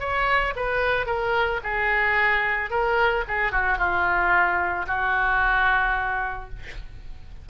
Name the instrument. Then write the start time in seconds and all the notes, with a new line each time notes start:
oboe
0.00 C#5
0.56 B4
1.06 A#4
1.64 G#4
2.71 A#4
3.28 G#4
3.52 F#4
3.78 F4
4.87 F#4